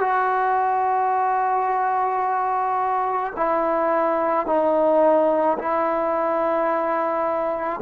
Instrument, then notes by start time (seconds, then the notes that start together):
trombone
0.00 F#4
3.37 E4
4.46 D#4
5.59 E4